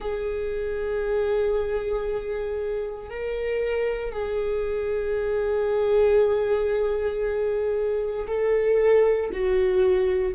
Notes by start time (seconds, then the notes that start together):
0.00 G#4
3.09 A#4
4.12 G#4
8.27 A4
9.32 F#4